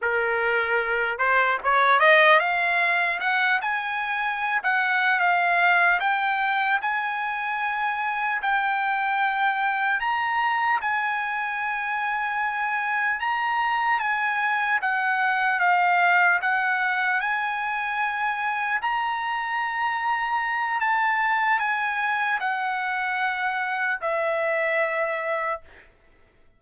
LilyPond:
\new Staff \with { instrumentName = "trumpet" } { \time 4/4 \tempo 4 = 75 ais'4. c''8 cis''8 dis''8 f''4 | fis''8 gis''4~ gis''16 fis''8. f''4 g''8~ | g''8 gis''2 g''4.~ | g''8 ais''4 gis''2~ gis''8~ |
gis''8 ais''4 gis''4 fis''4 f''8~ | f''8 fis''4 gis''2 ais''8~ | ais''2 a''4 gis''4 | fis''2 e''2 | }